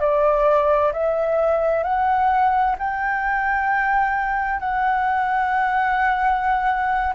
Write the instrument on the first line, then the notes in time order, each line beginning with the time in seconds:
flute
0.00 D5
0.93 E5
1.84 F#5
2.79 G5
4.60 F#5